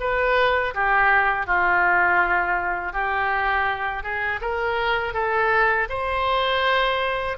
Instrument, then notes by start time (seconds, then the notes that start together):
oboe
0.00 B4
0.75 G4
1.46 F4
2.93 G4
4.03 G#4
4.41 A#4
5.14 A4
5.89 C5